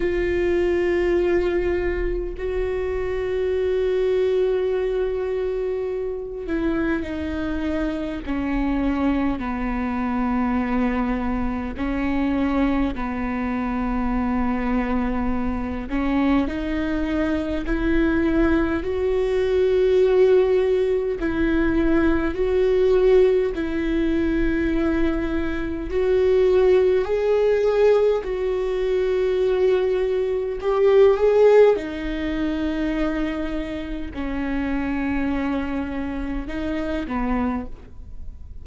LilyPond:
\new Staff \with { instrumentName = "viola" } { \time 4/4 \tempo 4 = 51 f'2 fis'2~ | fis'4. e'8 dis'4 cis'4 | b2 cis'4 b4~ | b4. cis'8 dis'4 e'4 |
fis'2 e'4 fis'4 | e'2 fis'4 gis'4 | fis'2 g'8 gis'8 dis'4~ | dis'4 cis'2 dis'8 b8 | }